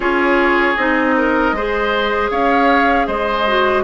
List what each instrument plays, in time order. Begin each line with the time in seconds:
0.00 bassoon C#4, clarinet F4, oboe G#4, flute C#5
0.76 bassoon C4, clarinet D#4, flute D#5
1.17 oboe A#4
1.52 bassoon G#3, clarinet G#4, oboe C5
2.30 bassoon C#4, oboe C#5, flute F5
3.06 bassoon G#3, oboe C5, flute D#5
3.47 clarinet F#4